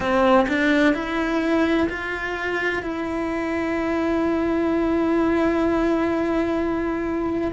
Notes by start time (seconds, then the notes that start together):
0.00 C4
0.48 D4
0.94 E4
1.89 F4
2.83 E4